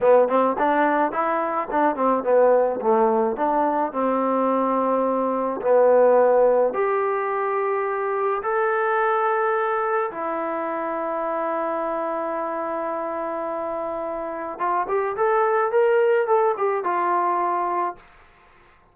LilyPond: \new Staff \with { instrumentName = "trombone" } { \time 4/4 \tempo 4 = 107 b8 c'8 d'4 e'4 d'8 c'8 | b4 a4 d'4 c'4~ | c'2 b2 | g'2. a'4~ |
a'2 e'2~ | e'1~ | e'2 f'8 g'8 a'4 | ais'4 a'8 g'8 f'2 | }